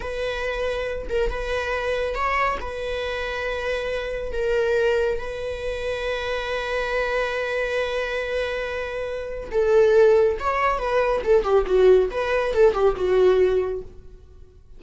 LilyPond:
\new Staff \with { instrumentName = "viola" } { \time 4/4 \tempo 4 = 139 b'2~ b'8 ais'8 b'4~ | b'4 cis''4 b'2~ | b'2 ais'2 | b'1~ |
b'1~ | b'2 a'2 | cis''4 b'4 a'8 g'8 fis'4 | b'4 a'8 g'8 fis'2 | }